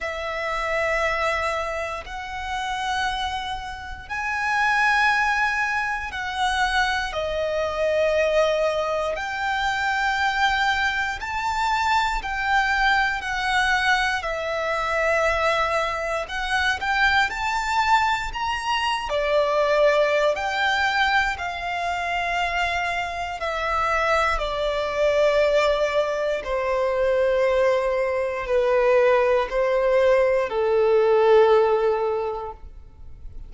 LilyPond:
\new Staff \with { instrumentName = "violin" } { \time 4/4 \tempo 4 = 59 e''2 fis''2 | gis''2 fis''4 dis''4~ | dis''4 g''2 a''4 | g''4 fis''4 e''2 |
fis''8 g''8 a''4 ais''8. d''4~ d''16 | g''4 f''2 e''4 | d''2 c''2 | b'4 c''4 a'2 | }